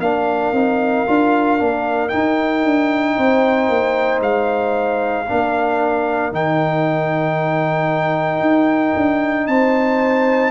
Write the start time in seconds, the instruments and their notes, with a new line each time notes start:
0.00 tuba A#3, trombone D4, horn A#4, trumpet F5
0.53 tuba C4, trombone D#4
1.07 tuba D4, trombone F4
1.59 tuba A#3, trombone D4
2.09 trombone D#4, tuba D#4, trumpet G5
2.65 tuba D4
3.16 tuba C4, horn C5
3.69 tuba A#3
4.21 tuba G#3, trumpet F5
5.27 tuba A#3, trombone D4, horn A#4
6.32 tuba D#3, trombone D#4, trumpet G5
8.41 tuba D#4
8.97 tuba D4
9.48 tuba C4, horn C5, trumpet A5